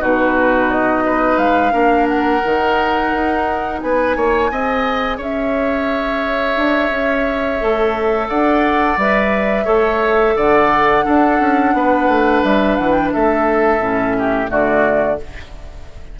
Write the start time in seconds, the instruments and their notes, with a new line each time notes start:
0.00 bassoon B2, clarinet D#4, oboe F#4, flute B4
0.71 flute D#5
1.06 oboe B4
1.37 bassoon G#3, flute F5
1.71 bassoon A#3, clarinet D4, oboe A#4
2.08 flute F#5
2.44 bassoon D#3, clarinet D#4
3.13 bassoon D#4
3.81 bassoon B3, oboe B4, flute G#5
4.16 bassoon A#3, oboe C#5
4.51 bassoon C4, clarinet G#4, oboe D#5
5.17 bassoon C#4, oboe C#5, flute E5
6.56 bassoon D4
6.91 bassoon C#4
7.60 bassoon A3, clarinet A4
8.29 bassoon D4, oboe D5, flute F#5
8.97 bassoon G3, clarinet B4, flute E5
9.65 bassoon A3, clarinet A4, oboe C#5
10.36 bassoon D3, oboe D5, flute F#5
11.04 clarinet D4, bassoon D4, oboe A4
11.40 bassoon C#4
11.73 bassoon B3, oboe B4
12.08 bassoon A3
12.44 bassoon G3, flute E5
12.76 bassoon E3, flute F#5
12.92 flute G5
13.12 bassoon A3, oboe A4, flute E5
13.80 bassoon A2, clarinet C#4
14.18 oboe G4
14.47 bassoon D3, clarinet A3, oboe F#4, flute D5